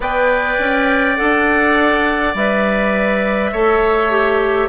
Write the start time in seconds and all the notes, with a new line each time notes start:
0.00 B3 B4 D5 G5
0.59 C#4
1.16 D4 A4 F#5
2.34 G3 B4 E5
3.51 A3 A4 C#5
4.11 G4